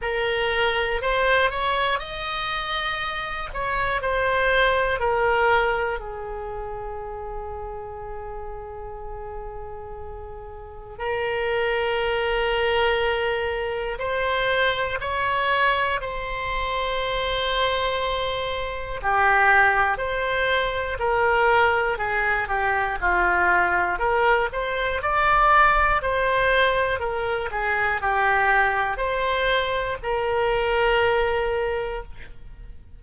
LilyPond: \new Staff \with { instrumentName = "oboe" } { \time 4/4 \tempo 4 = 60 ais'4 c''8 cis''8 dis''4. cis''8 | c''4 ais'4 gis'2~ | gis'2. ais'4~ | ais'2 c''4 cis''4 |
c''2. g'4 | c''4 ais'4 gis'8 g'8 f'4 | ais'8 c''8 d''4 c''4 ais'8 gis'8 | g'4 c''4 ais'2 | }